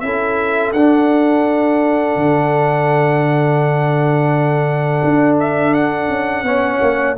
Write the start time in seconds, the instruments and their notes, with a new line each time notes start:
0.00 tuba C#4, trombone E4, horn A4, trumpet E5
0.72 tuba D4, trombone D4, trumpet F#5
2.15 tuba D3
5.04 tuba D4
5.40 trumpet E5
5.74 trumpet F#5
6.09 tuba C#4
6.43 tuba B3, trombone C#4, horn C#5
6.81 tuba A#3